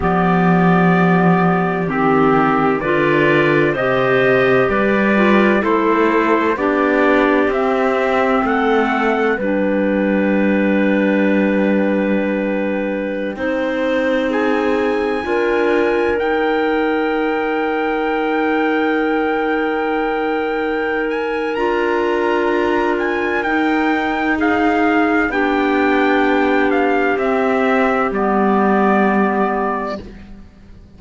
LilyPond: <<
  \new Staff \with { instrumentName = "trumpet" } { \time 4/4 \tempo 4 = 64 d''2 g'4 d''4 | dis''4 d''4 c''4 d''4 | e''4 fis''4 g''2~ | g''2.~ g''16 gis''8.~ |
gis''4~ gis''16 g''2~ g''8.~ | g''2~ g''8 gis''8 ais''4~ | ais''8 gis''8 g''4 f''4 g''4~ | g''8 f''8 e''4 d''2 | }
  \new Staff \with { instrumentName = "clarinet" } { \time 4/4 g'2. b'4 | c''4 b'4 a'4 g'4~ | g'4 a'4 b'2~ | b'2~ b'16 c''4 gis'8.~ |
gis'16 ais'2.~ ais'8.~ | ais'1~ | ais'2 gis'4 g'4~ | g'1 | }
  \new Staff \with { instrumentName = "clarinet" } { \time 4/4 b2 c'4 f'4 | g'4. f'8 e'4 d'4 | c'2 d'2~ | d'2~ d'16 dis'4.~ dis'16~ |
dis'16 f'4 dis'2~ dis'8.~ | dis'2. f'4~ | f'4 dis'2 d'4~ | d'4 c'4 b2 | }
  \new Staff \with { instrumentName = "cello" } { \time 4/4 f2 dis4 d4 | c4 g4 a4 b4 | c'4 a4 g2~ | g2~ g16 c'4.~ c'16~ |
c'16 d'4 dis'2~ dis'8.~ | dis'2. d'4~ | d'4 dis'2 b4~ | b4 c'4 g2 | }
>>